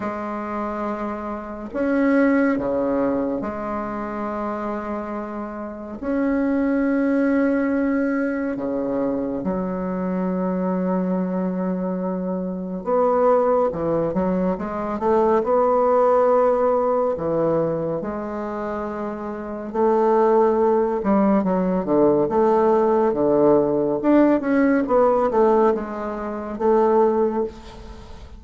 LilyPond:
\new Staff \with { instrumentName = "bassoon" } { \time 4/4 \tempo 4 = 70 gis2 cis'4 cis4 | gis2. cis'4~ | cis'2 cis4 fis4~ | fis2. b4 |
e8 fis8 gis8 a8 b2 | e4 gis2 a4~ | a8 g8 fis8 d8 a4 d4 | d'8 cis'8 b8 a8 gis4 a4 | }